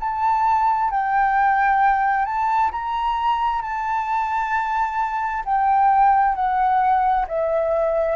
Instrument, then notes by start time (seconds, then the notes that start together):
flute
0.00 A5
0.91 G5
2.26 A5
2.71 A#5
3.62 A5
5.45 G5
6.35 F#5
7.28 E5